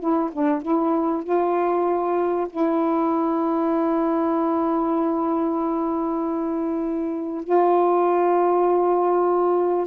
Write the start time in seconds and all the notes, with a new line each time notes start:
0.00 E4
0.33 D4
0.63 E4
1.24 F4
2.50 E4
7.44 F4